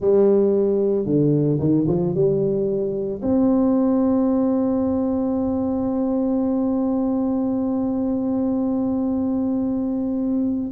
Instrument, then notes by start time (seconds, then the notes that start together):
tuba
0.00 G3
1.05 D3
1.59 D#3
1.87 F3
2.14 G3
3.21 C4